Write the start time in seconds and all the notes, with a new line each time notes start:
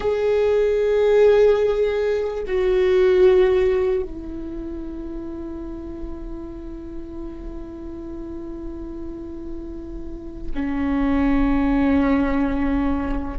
0.00 G#4
2.47 F#4
4.02 E4
10.54 C#4